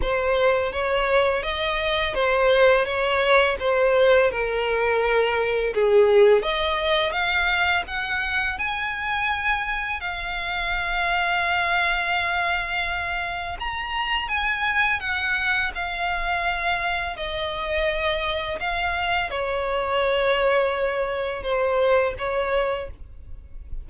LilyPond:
\new Staff \with { instrumentName = "violin" } { \time 4/4 \tempo 4 = 84 c''4 cis''4 dis''4 c''4 | cis''4 c''4 ais'2 | gis'4 dis''4 f''4 fis''4 | gis''2 f''2~ |
f''2. ais''4 | gis''4 fis''4 f''2 | dis''2 f''4 cis''4~ | cis''2 c''4 cis''4 | }